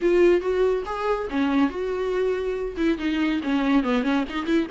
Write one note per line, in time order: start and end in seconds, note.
0.01 0.40 F4
0.40 0.83 F#4
0.85 1.28 G#4
1.30 1.69 C#4
1.69 2.76 F#4
2.77 2.98 E4
2.98 3.40 D#4
3.43 3.83 C#4
3.83 4.03 B3
4.03 4.24 C#4
4.29 4.45 D#4
4.45 4.67 E4